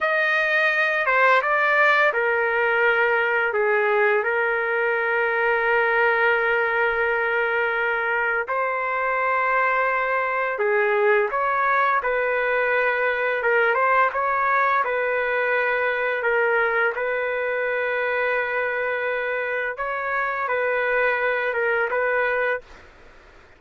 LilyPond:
\new Staff \with { instrumentName = "trumpet" } { \time 4/4 \tempo 4 = 85 dis''4. c''8 d''4 ais'4~ | ais'4 gis'4 ais'2~ | ais'1 | c''2. gis'4 |
cis''4 b'2 ais'8 c''8 | cis''4 b'2 ais'4 | b'1 | cis''4 b'4. ais'8 b'4 | }